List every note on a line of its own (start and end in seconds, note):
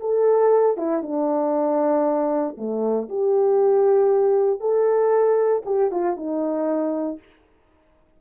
0.00 0.77 A4
0.77 1.02 E4
1.02 2.56 D4
2.57 3.08 A3
3.09 4.60 G4
4.60 5.63 A4
5.65 5.91 G4
5.91 6.16 F4
6.16 7.19 D#4